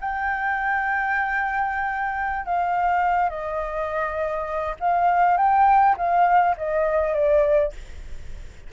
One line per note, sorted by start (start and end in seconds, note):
0.00 2.45 G5
2.45 3.29 F5
3.29 4.75 D#5
4.80 5.37 F5
5.37 5.95 G5
5.97 6.55 F5
6.57 7.14 D#5
7.14 7.72 D5